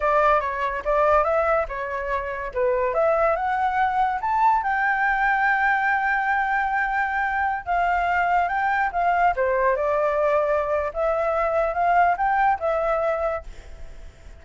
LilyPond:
\new Staff \with { instrumentName = "flute" } { \time 4/4 \tempo 4 = 143 d''4 cis''4 d''4 e''4 | cis''2 b'4 e''4 | fis''2 a''4 g''4~ | g''1~ |
g''2~ g''16 f''4.~ f''16~ | f''16 g''4 f''4 c''4 d''8.~ | d''2 e''2 | f''4 g''4 e''2 | }